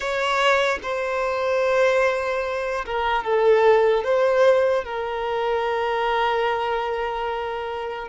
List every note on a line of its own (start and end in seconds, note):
0.00 0.79 C#5
0.82 2.85 C5
2.85 3.24 A#4
3.24 4.04 A4
4.04 4.84 C5
4.84 8.08 A#4